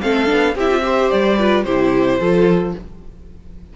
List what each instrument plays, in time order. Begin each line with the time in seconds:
0.00 cello A3, viola C4, violin A4 F5
0.25 cello B3, viola D4
0.55 cello C4, viola E4, violin G4 E5
0.70 viola F4
0.82 viola G4, violin C5
1.10 cello G3, violin D5
1.38 viola F4, violin B4
1.64 cello C3, viola E4, violin G4 C5
2.19 cello F3, viola F4, violin A4